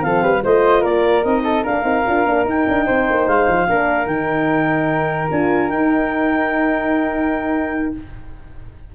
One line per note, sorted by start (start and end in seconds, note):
0.00 0.23 F3
0.00 0.41 C4
0.00 0.23 A4
0.00 0.43 F5
0.23 0.43 G3
0.23 0.43 B4
0.43 0.85 A3
0.43 1.24 F4
0.43 0.81 C5
0.43 0.84 D#5
0.81 1.25 A#3
0.81 1.42 A#4
0.81 1.24 D5
1.24 1.65 C4
1.24 1.64 D#4
1.24 1.65 D#5
1.44 1.63 A4
1.63 1.84 A#3
1.63 1.82 D4
1.63 2.85 A#4
1.63 2.46 F5
1.82 2.04 C4
1.82 2.03 D#4
2.07 2.25 D4
2.07 2.26 F4
2.25 2.45 A#3
2.25 2.46 D4
2.45 2.65 D#4
2.45 3.68 D#4
2.45 3.28 G5
2.68 2.88 D4
2.86 3.09 C4
2.86 3.67 C5
3.10 3.27 A#3
3.27 3.47 G#3
3.27 4.07 F5
3.48 3.68 F3
3.68 4.06 A#3
3.68 4.08 D4
3.68 7.95 A#4
4.06 5.28 D#3
4.06 5.31 D#4
4.06 5.29 G5
5.31 5.70 D4
5.31 5.72 F4
5.31 5.69 G#5
5.69 7.93 D#4
5.69 7.95 D#4
5.69 7.92 G5